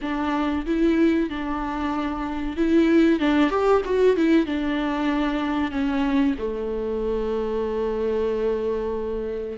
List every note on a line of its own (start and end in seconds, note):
0.01 0.65 D4
0.66 1.29 E4
1.29 2.56 D4
2.56 3.19 E4
3.19 3.50 D4
3.50 3.82 G4
3.85 4.16 F#4
4.16 4.46 E4
4.46 5.71 D4
5.71 6.35 C#4
6.38 9.57 A3